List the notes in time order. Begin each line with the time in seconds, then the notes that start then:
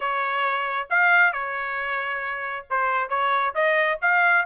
0.00 C#5
0.89 F5
1.32 C#5
2.70 C5
3.09 C#5
3.54 D#5
4.01 F5